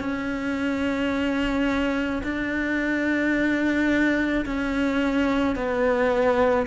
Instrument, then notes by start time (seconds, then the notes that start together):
cello
0.00 C#4
2.23 D4
4.45 C#4
5.56 B3